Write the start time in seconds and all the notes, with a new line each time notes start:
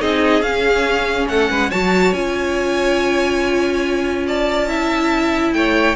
0.00 C4 D#4 G#4 D#5
0.42 C#4 F5
1.28 A3 A4 F#5
1.50 G#3 B4
1.70 F#3 F#4 C#5 A5
2.12 C#4 F4 G#5
4.27 D5 A5
4.68 E4 E5
5.53 A3 C#5 G5